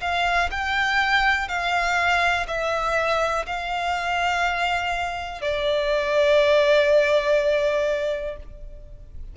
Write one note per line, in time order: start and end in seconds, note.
0.00 0.49 F5
0.51 1.48 G5
1.48 2.46 F5
2.47 3.46 E5
3.46 5.41 F5
5.41 8.36 D5